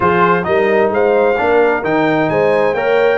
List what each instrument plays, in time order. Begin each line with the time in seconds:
0.00 tuba F3, trombone F4, horn G#4, trumpet C5
0.43 tuba G3, trombone D#4, horn A#4, trumpet D#5
0.90 tuba G#3, horn C5, trumpet F5
1.37 tuba A#3, trombone D4, horn A#4
1.83 tuba D#3, trombone D#4, trumpet G5
2.29 tuba G#3, horn C5, trumpet G#5
2.74 tuba A#3, trombone A#4, horn C#5, trumpet G5